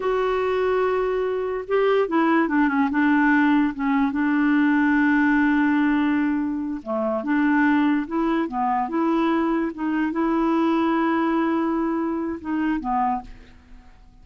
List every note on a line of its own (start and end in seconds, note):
0.00 1.64 F#4
1.67 2.08 G4
2.08 2.48 E4
2.48 2.68 D4
2.68 2.89 C#4
2.90 3.73 D4
3.74 4.12 C#4
4.12 6.81 D4
6.83 7.23 A3
7.23 8.06 D4
8.07 8.48 E4
8.48 8.88 B3
8.88 9.71 E4
9.74 10.12 D#4
10.12 12.39 E4
12.40 12.80 D#4
12.80 13.21 B3